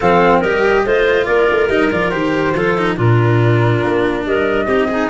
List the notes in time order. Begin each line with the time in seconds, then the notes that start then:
0.00 F3 C4 A4 F5
0.39 G3 G4 A#4 D#5
0.84 A3 F4 C5
1.25 A#3 A#4 D5
1.50 A3
1.68 G3 D#4 D#5
1.91 F3 F4 D5
2.10 D#3 G4 C5
2.55 F3 F4 A4
2.77 D#4
2.96 A#2 D4 F4 A#4
3.83 A#3
4.25 G3 A#4 D#5
4.65 C4 D#4 G4
4.87 D#4 G#4